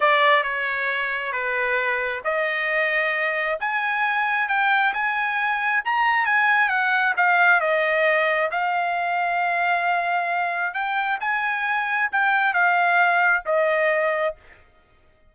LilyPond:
\new Staff \with { instrumentName = "trumpet" } { \time 4/4 \tempo 4 = 134 d''4 cis''2 b'4~ | b'4 dis''2. | gis''2 g''4 gis''4~ | gis''4 ais''4 gis''4 fis''4 |
f''4 dis''2 f''4~ | f''1 | g''4 gis''2 g''4 | f''2 dis''2 | }